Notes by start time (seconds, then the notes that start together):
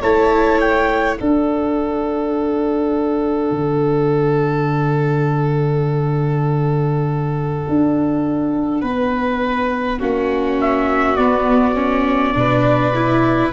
0.00 A3 E4 C#5 A5
0.60 G5
1.16 D4 A4 F#5
3.50 D3
7.68 D4
8.81 B3 B4
9.98 A#3 C#4 F#4
10.61 E5
11.16 B3 D5
11.75 C#4
12.33 B2 D4 B4
12.94 E4